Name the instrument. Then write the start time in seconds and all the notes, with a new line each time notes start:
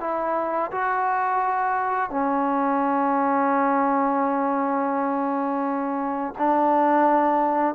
trombone
0.00 E4
0.71 F#4
2.10 C#4
6.38 D4